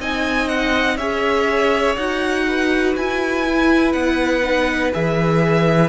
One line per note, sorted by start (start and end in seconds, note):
0.00 0.98 C4
0.00 0.99 D#4
0.00 0.98 D#5
0.00 0.49 G#5
0.49 0.98 F#5
0.98 1.96 C#4
0.98 1.97 G#4
0.98 2.45 C#5
0.98 1.96 E5
1.97 2.96 D#4
1.97 3.47 F#4
1.97 2.95 F#5
2.48 5.90 B4
2.97 3.94 E4
2.97 3.93 G#5
3.47 4.44 E4
3.93 4.93 B3
3.93 4.91 F#5
4.44 4.93 D#4
4.93 5.90 E3
4.93 5.90 G#4
4.93 5.90 E5